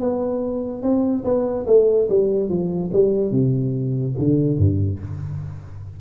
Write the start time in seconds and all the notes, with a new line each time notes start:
0.00 B3
0.82 C4
1.24 B3
1.67 A3
2.09 G3
2.49 F3
2.93 G3
3.31 C3
4.19 D3
4.58 G2